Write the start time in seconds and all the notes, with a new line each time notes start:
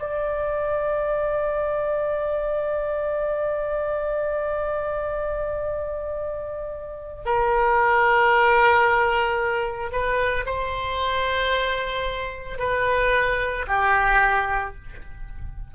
0.00 D5
7.25 A#4
9.92 B4
10.45 C5
12.58 B4
13.67 G4